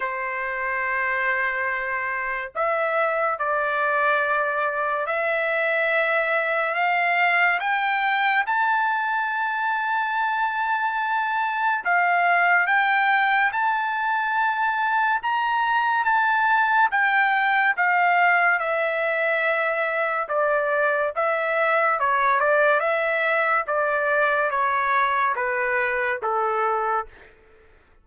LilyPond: \new Staff \with { instrumentName = "trumpet" } { \time 4/4 \tempo 4 = 71 c''2. e''4 | d''2 e''2 | f''4 g''4 a''2~ | a''2 f''4 g''4 |
a''2 ais''4 a''4 | g''4 f''4 e''2 | d''4 e''4 cis''8 d''8 e''4 | d''4 cis''4 b'4 a'4 | }